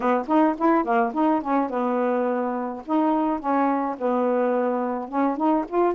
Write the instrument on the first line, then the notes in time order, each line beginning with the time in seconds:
saxophone
0.00 B3
0.27 D#4
0.58 E4
0.84 A#3
1.13 D#4
1.42 C#4
1.69 B3
2.85 D#4
3.39 C#4
3.98 B3
5.08 C#4
5.36 D#4
5.68 F4